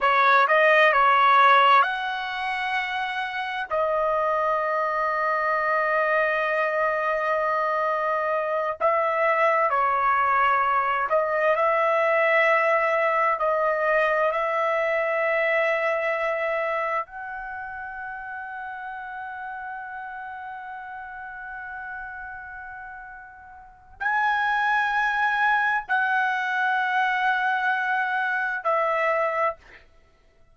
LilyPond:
\new Staff \with { instrumentName = "trumpet" } { \time 4/4 \tempo 4 = 65 cis''8 dis''8 cis''4 fis''2 | dis''1~ | dis''4. e''4 cis''4. | dis''8 e''2 dis''4 e''8~ |
e''2~ e''8 fis''4.~ | fis''1~ | fis''2 gis''2 | fis''2. e''4 | }